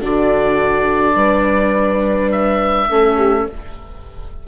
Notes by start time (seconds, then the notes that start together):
0.00 D3 D4 F#4 D5
1.15 G3 B4
2.31 E5
2.90 A3 C#4 A4
3.17 G4